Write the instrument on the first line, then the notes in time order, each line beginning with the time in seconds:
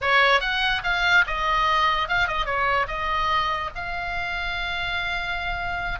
oboe
0.01 C#5
0.40 F#5
0.83 F5
1.26 D#5
2.08 F5
2.27 D#5
2.45 C#5
2.87 D#5
3.75 F5